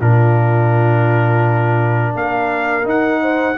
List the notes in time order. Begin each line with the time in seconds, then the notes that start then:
0.00 A#2 D4 F4 A#4
2.14 A#3 A#4 F5
2.84 D#4 F#5
3.22 C5